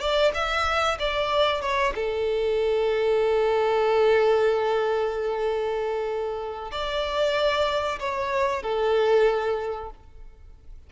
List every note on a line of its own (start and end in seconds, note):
0.00 0.32 D5
0.34 0.98 E5
0.99 1.61 D5
1.61 1.93 C#5
1.95 6.71 A4
6.71 7.99 D5
7.99 8.63 C#5
8.63 9.90 A4